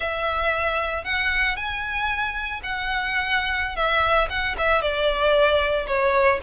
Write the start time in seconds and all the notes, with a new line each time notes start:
0.00 E5
1.04 F#5
1.56 G#5
2.63 F#5
3.75 E5
4.29 F#5
4.57 E5
4.81 D5
5.87 C#5